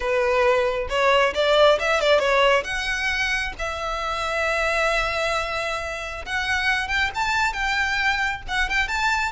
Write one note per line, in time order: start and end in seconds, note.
0.00 0.88 B4
0.89 1.33 C#5
1.34 1.79 D5
1.79 2.01 E5
2.01 2.19 D5
2.19 2.63 C#5
2.63 3.52 F#5
3.58 6.25 E5
6.25 6.88 F#5
6.88 7.10 G5
7.14 7.53 A5
7.53 8.42 G5
8.48 8.69 F#5
8.69 8.87 G5
8.87 9.32 A5